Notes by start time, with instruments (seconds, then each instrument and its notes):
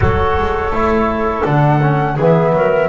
0.00 double bass F#3, trombone F#4, clarinet A4, flute C#5
0.38 double bass G#3
0.69 double bass A3, trombone E4
1.44 double bass D3, trombone D4, flute F#5
1.81 trombone C#4
2.14 double bass E3, clarinet G#4, flute E5
2.21 trombone B3
2.53 double bass F#3, clarinet A#4